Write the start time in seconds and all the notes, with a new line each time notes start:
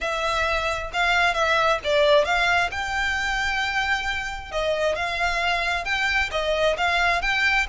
0.00 E5
0.93 F5
1.34 E5
1.84 D5
2.24 F5
2.71 G5
4.51 D#5
4.95 F5
5.84 G5
6.31 D#5
6.77 F5
7.21 G5